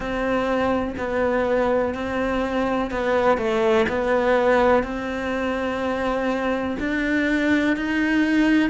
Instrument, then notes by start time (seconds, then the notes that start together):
cello
0.00 C4
0.97 B3
1.94 C4
2.90 B3
3.37 A3
3.88 B3
4.83 C4
6.79 D4
7.76 D#4